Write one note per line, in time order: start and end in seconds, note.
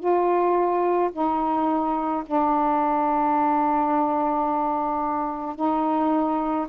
0.00 1.11 F4
1.13 2.24 D#4
2.27 5.56 D4
5.56 6.67 D#4